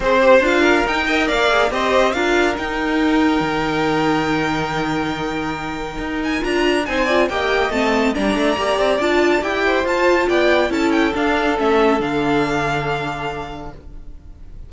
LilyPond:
<<
  \new Staff \with { instrumentName = "violin" } { \time 4/4 \tempo 4 = 140 c''4 f''4 g''4 f''4 | dis''4 f''4 g''2~ | g''1~ | g''2~ g''8 gis''8 ais''4 |
gis''4 g''4 a''4 ais''4~ | ais''4 a''4 g''4 a''4 | g''4 a''8 g''8 f''4 e''4 | f''1 | }
  \new Staff \with { instrumentName = "violin" } { \time 4/4 c''4. ais'4 dis''8 d''4 | c''4 ais'2.~ | ais'1~ | ais'1 |
c''8 d''8 dis''2 d''4~ | d''2~ d''8 c''4. | d''4 a'2.~ | a'1 | }
  \new Staff \with { instrumentName = "viola" } { \time 4/4 gis'8 g'8 f'4 dis'8 ais'4 gis'8 | g'4 f'4 dis'2~ | dis'1~ | dis'2. f'4 |
dis'8 f'8 g'4 c'4 d'4 | g'4 f'4 g'4 f'4~ | f'4 e'4 d'4 cis'4 | d'1 | }
  \new Staff \with { instrumentName = "cello" } { \time 4/4 c'4 d'4 dis'4 ais4 | c'4 d'4 dis'2 | dis1~ | dis2 dis'4 d'4 |
c'4 ais4 a4 g8 a8 | ais8 c'8 d'4 e'4 f'4 | b4 cis'4 d'4 a4 | d1 | }
>>